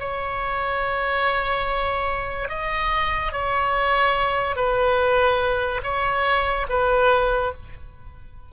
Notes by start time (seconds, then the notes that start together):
0.00 C#5
2.49 D#5
3.33 C#5
4.56 B4
5.83 C#5
6.69 B4